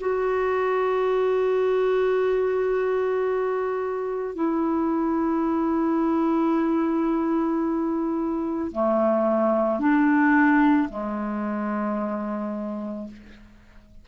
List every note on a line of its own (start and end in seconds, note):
0.00 4.35 F#4
4.35 8.71 E4
8.72 9.79 A3
9.79 10.88 D4
10.89 13.07 G#3